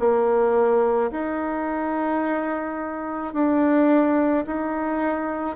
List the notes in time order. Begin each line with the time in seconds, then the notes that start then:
0.00 A#3
1.12 D#4
3.34 D4
4.46 D#4